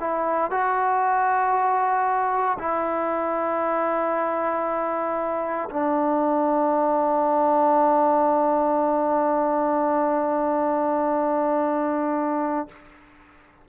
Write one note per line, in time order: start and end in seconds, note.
0.00 0.51 E4
0.51 2.58 F#4
2.59 5.69 E4
5.70 12.68 D4